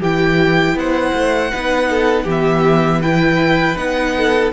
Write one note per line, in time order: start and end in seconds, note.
0.00 0.74 E3
0.00 1.52 E4
0.00 0.75 G4
0.00 0.78 G5
0.74 1.11 B3
0.74 1.51 C5
0.74 2.28 F#5
1.13 1.51 A3
1.51 2.25 B3
1.51 2.27 D#4
1.51 1.88 B4
1.90 2.24 A4
2.24 3.75 E3
2.24 3.03 B3
2.24 2.99 G4
2.30 3.01 E5
3.00 3.76 E4
3.00 4.13 B4
3.00 3.76 G5
3.76 4.52 B3
3.76 4.51 D#4
3.76 4.51 F#5
4.17 4.52 A4